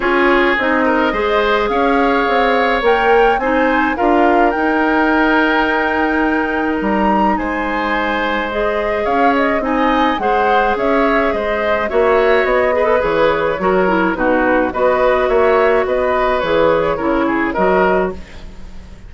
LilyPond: <<
  \new Staff \with { instrumentName = "flute" } { \time 4/4 \tempo 4 = 106 cis''4 dis''2 f''4~ | f''4 g''4 gis''4 f''4 | g''1 | ais''4 gis''2 dis''4 |
f''8 dis''8 gis''4 fis''4 e''4 | dis''4 e''4 dis''4 cis''4~ | cis''4 b'4 dis''4 e''4 | dis''4 cis''2 dis''4 | }
  \new Staff \with { instrumentName = "oboe" } { \time 4/4 gis'4. ais'8 c''4 cis''4~ | cis''2 c''4 ais'4~ | ais'1~ | ais'4 c''2. |
cis''4 dis''4 c''4 cis''4 | c''4 cis''4. b'4. | ais'4 fis'4 b'4 cis''4 | b'2 ais'8 gis'8 ais'4 | }
  \new Staff \with { instrumentName = "clarinet" } { \time 4/4 f'4 dis'4 gis'2~ | gis'4 ais'4 dis'4 f'4 | dis'1~ | dis'2. gis'4~ |
gis'4 dis'4 gis'2~ | gis'4 fis'4. gis'16 a'16 gis'4 | fis'8 e'8 dis'4 fis'2~ | fis'4 gis'4 e'4 fis'4 | }
  \new Staff \with { instrumentName = "bassoon" } { \time 4/4 cis'4 c'4 gis4 cis'4 | c'4 ais4 c'4 d'4 | dis'1 | g4 gis2. |
cis'4 c'4 gis4 cis'4 | gis4 ais4 b4 e4 | fis4 b,4 b4 ais4 | b4 e4 cis4 fis4 | }
>>